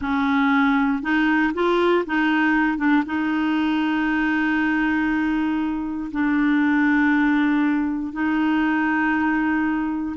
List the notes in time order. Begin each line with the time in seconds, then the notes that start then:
0.01 C#4
1.02 D#4
1.54 F4
2.06 D#4
2.77 D4
3.06 D#4
6.11 D4
8.12 D#4